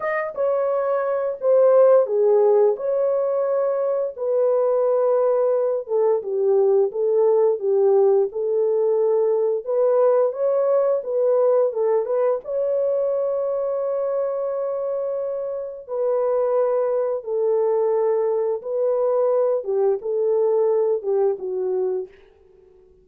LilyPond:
\new Staff \with { instrumentName = "horn" } { \time 4/4 \tempo 4 = 87 dis''8 cis''4. c''4 gis'4 | cis''2 b'2~ | b'8 a'8 g'4 a'4 g'4 | a'2 b'4 cis''4 |
b'4 a'8 b'8 cis''2~ | cis''2. b'4~ | b'4 a'2 b'4~ | b'8 g'8 a'4. g'8 fis'4 | }